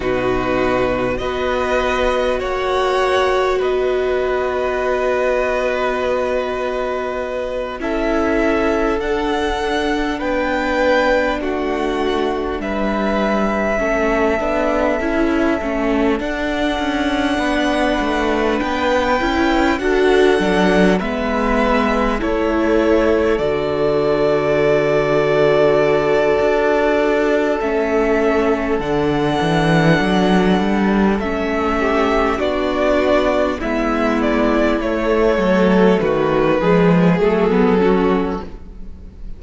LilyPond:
<<
  \new Staff \with { instrumentName = "violin" } { \time 4/4 \tempo 4 = 50 b'4 dis''4 fis''4 dis''4~ | dis''2~ dis''8 e''4 fis''8~ | fis''8 g''4 fis''4 e''4.~ | e''4. fis''2 g''8~ |
g''8 fis''4 e''4 cis''4 d''8~ | d''2. e''4 | fis''2 e''4 d''4 | e''8 d''8 cis''4 b'4 a'4 | }
  \new Staff \with { instrumentName = "violin" } { \time 4/4 fis'4 b'4 cis''4 b'4~ | b'2~ b'8 a'4.~ | a'8 b'4 fis'4 b'4 a'8~ | a'2~ a'8 b'4.~ |
b'8 a'4 b'4 a'4.~ | a'1~ | a'2~ a'8 g'8 fis'4 | e'4. a'8 fis'8 gis'4 fis'8 | }
  \new Staff \with { instrumentName = "viola" } { \time 4/4 dis'4 fis'2.~ | fis'2~ fis'8 e'4 d'8~ | d'2.~ d'8 cis'8 | d'8 e'8 cis'8 d'2~ d'8 |
e'8 fis'8 d'8 b4 e'4 fis'8~ | fis'2. cis'4 | d'2 cis'4 d'4 | b4 a4. gis8 a16 b16 cis'8 | }
  \new Staff \with { instrumentName = "cello" } { \time 4/4 b,4 b4 ais4 b4~ | b2~ b8 cis'4 d'8~ | d'8 b4 a4 g4 a8 | b8 cis'8 a8 d'8 cis'8 b8 a8 b8 |
cis'8 d'8 fis8 gis4 a4 d8~ | d2 d'4 a4 | d8 e8 fis8 g8 a4 b4 | gis4 a8 fis8 dis8 f8 fis4 | }
>>